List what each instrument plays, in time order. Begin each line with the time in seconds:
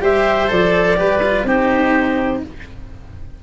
0.00 tuba G3, cello G4, oboe C5, clarinet E5
0.48 tuba F3, cello A4, clarinet D5
0.96 tuba G3, cello G4, oboe B4
1.23 cello F4
1.44 tuba C4, cello D#4, oboe G4, clarinet C5